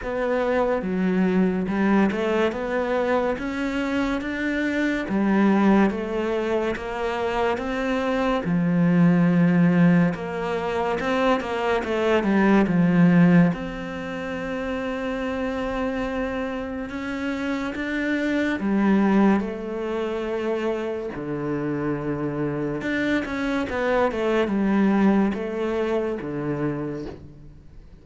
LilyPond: \new Staff \with { instrumentName = "cello" } { \time 4/4 \tempo 4 = 71 b4 fis4 g8 a8 b4 | cis'4 d'4 g4 a4 | ais4 c'4 f2 | ais4 c'8 ais8 a8 g8 f4 |
c'1 | cis'4 d'4 g4 a4~ | a4 d2 d'8 cis'8 | b8 a8 g4 a4 d4 | }